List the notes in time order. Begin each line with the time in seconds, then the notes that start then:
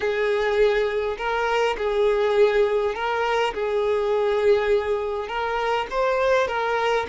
0.00 G#4
1.17 A#4
1.77 G#4
2.94 A#4
3.54 G#4
5.28 A#4
5.90 C5
6.47 A#4